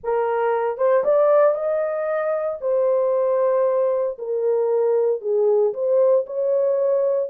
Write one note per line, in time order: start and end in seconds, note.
0.03 0.77 A#4
0.77 1.03 C5
1.03 1.54 D5
1.54 2.58 D#5
2.61 4.17 C5
4.18 5.21 A#4
5.21 5.73 G#4
5.73 6.25 C5
6.26 7.29 C#5